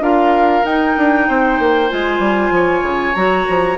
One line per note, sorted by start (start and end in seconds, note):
0.00 0.62 D4
0.00 0.64 F4
0.00 1.27 A#4
0.00 0.65 F5
0.65 0.96 D#4
0.65 1.89 D#4
0.65 1.90 G5
0.98 1.29 D4
1.28 1.59 C4
1.28 2.53 C5
1.59 1.90 A#3
1.89 2.19 G#3
1.89 3.14 F4
1.89 3.15 G#5
2.19 2.51 G3
2.51 2.82 F3
2.51 3.78 C#5
2.82 3.14 C#3
3.15 3.47 F#3
3.15 3.78 F#4
3.15 3.77 A#5
3.49 3.78 F3